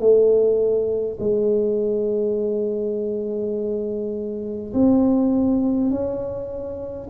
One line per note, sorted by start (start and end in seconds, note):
0.00 1.18 A3
1.20 4.73 G#3
4.74 5.91 C4
5.91 7.09 C#4